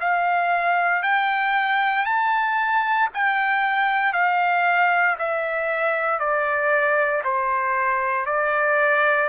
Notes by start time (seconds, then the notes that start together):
0.00 F5
1.03 G5
2.05 A5
3.14 G5
4.13 F5
5.19 E5
6.19 D5
7.24 C5
8.26 D5